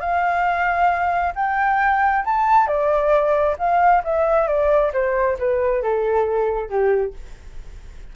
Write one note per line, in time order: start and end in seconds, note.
0.00 1.33 F5
1.35 2.24 G5
2.25 2.67 A5
2.67 3.56 D5
3.58 4.03 F5
4.04 4.48 E5
4.48 4.92 D5
4.93 5.38 C5
5.39 5.82 B4
5.82 6.69 A4
6.69 7.14 G4